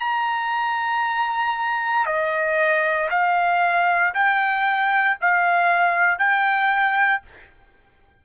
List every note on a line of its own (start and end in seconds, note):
0.00 2.06 A#5
2.06 3.09 D#5
3.10 4.14 F5
4.14 5.18 G5
5.21 6.19 F5
6.19 7.22 G5